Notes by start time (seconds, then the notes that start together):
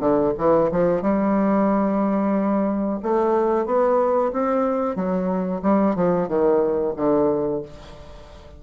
0.00 D3
0.38 E3
0.72 F3
1.02 G3
3.03 A3
3.66 B3
4.33 C4
4.96 F#3
5.63 G3
5.96 F3
6.28 D#3
6.97 D3